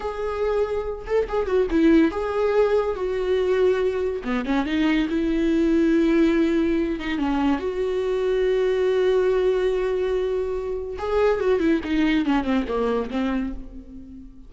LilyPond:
\new Staff \with { instrumentName = "viola" } { \time 4/4 \tempo 4 = 142 gis'2~ gis'8 a'8 gis'8 fis'8 | e'4 gis'2 fis'4~ | fis'2 b8 cis'8 dis'4 | e'1~ |
e'8 dis'8 cis'4 fis'2~ | fis'1~ | fis'2 gis'4 fis'8 e'8 | dis'4 cis'8 c'8 ais4 c'4 | }